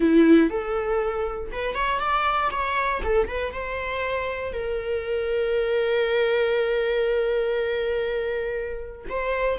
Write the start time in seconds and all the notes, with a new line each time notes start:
0.00 E4
0.50 A4
1.52 B4
1.74 C#5
1.99 D5
2.51 C#5
3.04 A4
3.28 B4
3.53 C5
4.52 A#4
9.09 C5